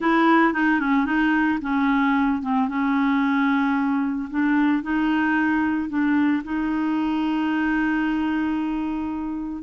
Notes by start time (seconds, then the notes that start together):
0.00 E4
0.53 D#4
0.79 C#4
1.05 D#4
1.61 C#4
2.42 C4
2.68 C#4
4.30 D4
4.82 D#4
5.89 D4
6.44 D#4